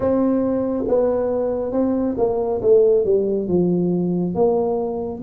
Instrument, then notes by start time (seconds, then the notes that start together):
tuba
0.00 C4
0.87 B3
1.72 C4
2.17 A#3
2.61 A3
3.04 G3
3.47 F3
4.34 A#3